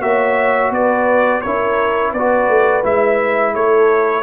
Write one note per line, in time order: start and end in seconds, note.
0.00 0.70 A#3
0.00 1.42 F#4
0.00 0.72 C#5
0.00 0.72 E5
0.70 1.41 B3
0.70 1.43 B4
0.70 1.41 D5
1.41 2.13 C#4
1.41 2.16 E4
1.41 2.12 A#4
1.41 2.12 C#5
2.12 2.48 B3
2.12 3.53 B4
2.12 2.84 D5
2.18 2.83 F#4
2.48 2.83 A3
2.83 3.55 G#3
2.83 4.23 E4
2.83 3.55 E5
3.54 4.23 A3
3.54 4.23 A4
3.54 4.23 C#5